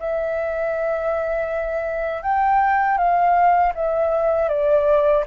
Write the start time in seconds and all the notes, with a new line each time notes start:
0.00 E5
2.23 G5
2.98 F5
3.75 E5
4.49 D5